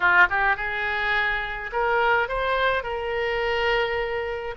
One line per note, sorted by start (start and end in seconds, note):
0.00 0.26 F4
0.30 0.56 G4
0.56 1.70 G#4
1.72 2.28 A#4
2.28 2.83 C5
2.83 4.54 A#4